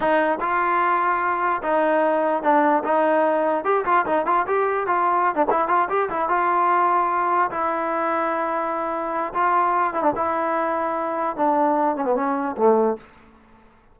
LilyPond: \new Staff \with { instrumentName = "trombone" } { \time 4/4 \tempo 4 = 148 dis'4 f'2. | dis'2 d'4 dis'4~ | dis'4 g'8 f'8 dis'8 f'8 g'4 | f'4~ f'16 d'16 e'8 f'8 g'8 e'8 f'8~ |
f'2~ f'8 e'4.~ | e'2. f'4~ | f'8 e'16 d'16 e'2. | d'4. cis'16 b16 cis'4 a4 | }